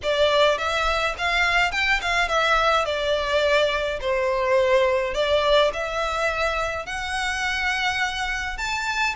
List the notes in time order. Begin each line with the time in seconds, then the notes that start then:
0.02 D5
0.58 E5
1.17 F5
1.71 G5
2.01 F5
2.28 E5
2.85 D5
4.01 C5
5.14 D5
5.73 E5
6.86 F#5
8.57 A5